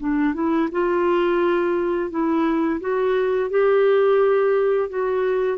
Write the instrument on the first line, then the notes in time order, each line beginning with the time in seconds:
clarinet
0.00 D4
0.34 E4
0.72 F4
2.11 E4
2.81 F#4
3.50 G4
4.90 F#4